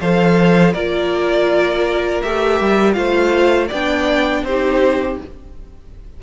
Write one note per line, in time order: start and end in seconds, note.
0.00 0.74 F3
0.00 0.75 A4
0.00 0.73 C5
0.00 0.73 F5
0.73 2.22 A#3
0.73 2.23 F4
0.73 2.95 A#4
0.73 2.22 D5
2.22 2.60 A3
2.22 2.93 G4
2.22 2.93 E5
2.60 2.96 G3
2.93 3.70 A3
2.93 3.67 F4
2.93 3.68 C5
2.93 3.67 F5
3.68 4.42 B3
3.68 4.42 D5
3.68 4.44 G5
3.74 4.48 D4
4.42 5.16 C4
4.42 5.22 D#4
4.42 5.20 G4
4.42 5.18 C5